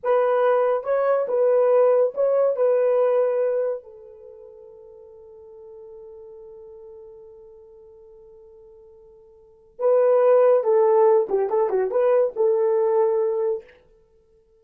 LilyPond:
\new Staff \with { instrumentName = "horn" } { \time 4/4 \tempo 4 = 141 b'2 cis''4 b'4~ | b'4 cis''4 b'2~ | b'4 a'2.~ | a'1~ |
a'1~ | a'2. b'4~ | b'4 a'4. g'8 a'8 fis'8 | b'4 a'2. | }